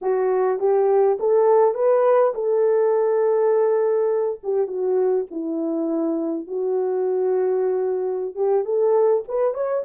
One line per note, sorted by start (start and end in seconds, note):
0.01 0.59 F#4
0.59 1.18 G4
1.19 1.74 A4
1.74 2.33 B4
2.34 4.40 A4
4.43 4.67 G4
4.67 5.26 F#4
5.30 6.47 E4
6.47 8.35 F#4
8.35 8.64 G4
8.64 9.23 A4
9.28 9.54 B4
9.54 9.83 C#5